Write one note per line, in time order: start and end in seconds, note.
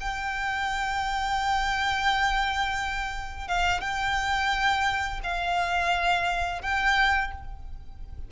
0.00 3.48 G5
3.48 3.80 F5
3.80 5.20 G5
5.23 6.62 F5
6.62 7.31 G5